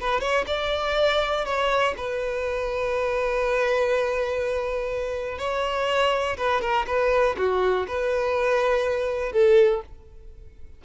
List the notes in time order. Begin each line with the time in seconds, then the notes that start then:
0.00 B4
0.20 C#5
0.46 D5
1.45 C#5
1.97 B4
5.38 C#5
6.37 B4
6.61 A#4
6.87 B4
7.37 F#4
7.87 B4
9.32 A4